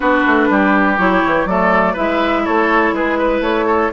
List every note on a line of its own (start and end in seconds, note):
0.00 0.25 B3
0.00 0.97 D4
0.00 0.48 F#4
0.00 0.98 B4
0.26 0.49 A3
0.49 0.98 G3
0.49 1.49 G4
0.97 1.22 F#3
0.97 1.47 E4
0.97 1.46 C#5
1.26 1.45 E3
1.45 1.95 F#3
1.45 1.95 A3
1.45 1.93 A4
1.45 1.95 D5
1.93 2.47 G#3
1.93 3.92 E4
1.93 2.42 B4
1.93 2.45 E5
2.45 2.92 A3
2.45 2.94 A4
2.45 2.94 C#5
2.92 3.40 G#3
2.92 3.18 G#4
2.92 3.43 B4
3.18 3.66 B4
3.40 3.90 A3
3.40 3.92 C#5
3.66 3.90 A4